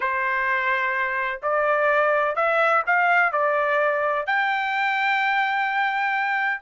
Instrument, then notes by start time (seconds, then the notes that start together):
trumpet
0.00 C5
1.42 D5
2.35 E5
2.86 F5
3.32 D5
4.26 G5